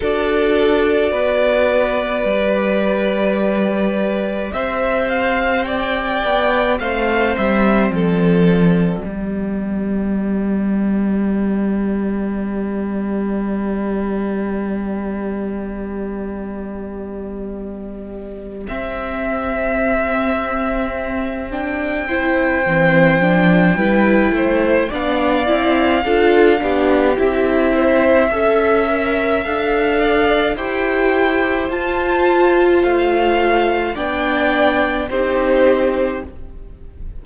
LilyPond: <<
  \new Staff \with { instrumentName = "violin" } { \time 4/4 \tempo 4 = 53 d''1 | e''8 f''8 g''4 f''8 e''8 d''4~ | d''1~ | d''1~ |
d''8 e''2~ e''8 g''4~ | g''2 f''2 | e''2 f''4 g''4 | a''4 f''4 g''4 c''4 | }
  \new Staff \with { instrumentName = "violin" } { \time 4/4 a'4 b'2. | c''4 d''4 c''4 a'4 | g'1~ | g'1~ |
g'2.~ g'8 c''8~ | c''4 b'8 c''8 d''4 a'8 g'8~ | g'8 c''8 e''4. d''8 c''4~ | c''2 d''4 g'4 | }
  \new Staff \with { instrumentName = "viola" } { \time 4/4 fis'2 g'2~ | g'2 c'2 | b1~ | b1~ |
b8 c'2~ c'8 d'8 e'8 | c'8 d'8 e'4 d'8 e'8 f'8 d'8 | e'4 a'8 ais'8 a'4 g'4 | f'2 d'4 dis'4 | }
  \new Staff \with { instrumentName = "cello" } { \time 4/4 d'4 b4 g2 | c'4. b8 a8 g8 f4 | g1~ | g1~ |
g8 c'2.~ c'8 | e8 f8 g8 a8 b8 c'8 d'8 b8 | c'4 cis'4 d'4 e'4 | f'4 a4 b4 c'4 | }
>>